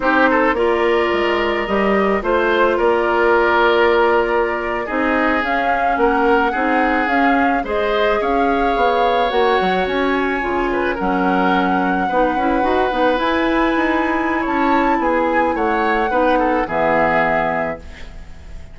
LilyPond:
<<
  \new Staff \with { instrumentName = "flute" } { \time 4/4 \tempo 4 = 108 c''4 d''2 dis''4 | c''4 d''2.~ | d''8. dis''4 f''4 fis''4~ fis''16~ | fis''8. f''4 dis''4 f''4~ f''16~ |
f''8. fis''4 gis''2 fis''16~ | fis''2.~ fis''8. gis''16~ | gis''2 a''4 gis''4 | fis''2 e''2 | }
  \new Staff \with { instrumentName = "oboe" } { \time 4/4 g'8 a'8 ais'2. | c''4 ais'2.~ | ais'8. gis'2 ais'4 gis'16~ | gis'4.~ gis'16 c''4 cis''4~ cis''16~ |
cis''2.~ cis''16 b'8 ais'16~ | ais'4.~ ais'16 b'2~ b'16~ | b'2 cis''4 gis'4 | cis''4 b'8 a'8 gis'2 | }
  \new Staff \with { instrumentName = "clarinet" } { \time 4/4 dis'4 f'2 g'4 | f'1~ | f'8. dis'4 cis'2 dis'16~ | dis'8. cis'4 gis'2~ gis'16~ |
gis'8. fis'2 f'4 cis'16~ | cis'4.~ cis'16 dis'8 e'8 fis'8 dis'8 e'16~ | e'1~ | e'4 dis'4 b2 | }
  \new Staff \with { instrumentName = "bassoon" } { \time 4/4 c'4 ais4 gis4 g4 | a4 ais2.~ | ais8. c'4 cis'4 ais4 c'16~ | c'8. cis'4 gis4 cis'4 b16~ |
b8. ais8 fis8 cis'4 cis4 fis16~ | fis4.~ fis16 b8 cis'8 dis'8 b8 e'16~ | e'8. dis'4~ dis'16 cis'4 b4 | a4 b4 e2 | }
>>